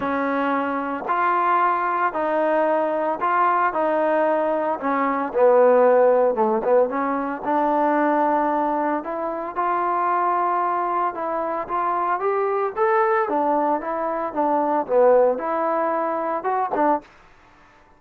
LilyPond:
\new Staff \with { instrumentName = "trombone" } { \time 4/4 \tempo 4 = 113 cis'2 f'2 | dis'2 f'4 dis'4~ | dis'4 cis'4 b2 | a8 b8 cis'4 d'2~ |
d'4 e'4 f'2~ | f'4 e'4 f'4 g'4 | a'4 d'4 e'4 d'4 | b4 e'2 fis'8 d'8 | }